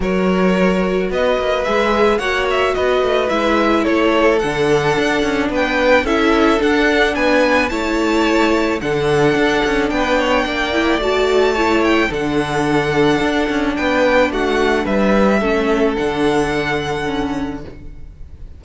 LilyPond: <<
  \new Staff \with { instrumentName = "violin" } { \time 4/4 \tempo 4 = 109 cis''2 dis''4 e''4 | fis''8 e''8 dis''4 e''4 cis''4 | fis''2 g''4 e''4 | fis''4 gis''4 a''2 |
fis''2 g''2 | a''4. g''8 fis''2~ | fis''4 g''4 fis''4 e''4~ | e''4 fis''2. | }
  \new Staff \with { instrumentName = "violin" } { \time 4/4 ais'2 b'2 | cis''4 b'2 a'4~ | a'2 b'4 a'4~ | a'4 b'4 cis''2 |
a'2 b'8 cis''8 d''4~ | d''4 cis''4 a'2~ | a'4 b'4 fis'4 b'4 | a'1 | }
  \new Staff \with { instrumentName = "viola" } { \time 4/4 fis'2. gis'4 | fis'2 e'2 | d'2. e'4 | d'2 e'2 |
d'2.~ d'8 e'8 | fis'4 e'4 d'2~ | d'1 | cis'4 d'2 cis'4 | }
  \new Staff \with { instrumentName = "cello" } { \time 4/4 fis2 b8 ais8 gis4 | ais4 b8 a8 gis4 a4 | d4 d'8 cis'8 b4 cis'4 | d'4 b4 a2 |
d4 d'8 cis'8 b4 ais4 | a2 d2 | d'8 cis'8 b4 a4 g4 | a4 d2. | }
>>